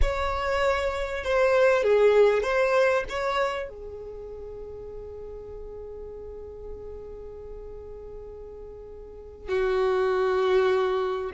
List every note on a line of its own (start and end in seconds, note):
0.01 1.24 C#5
1.24 1.83 C5
1.83 2.42 G#4
2.42 3.04 C5
3.09 3.69 C#5
3.69 9.48 G#4
9.48 11.32 F#4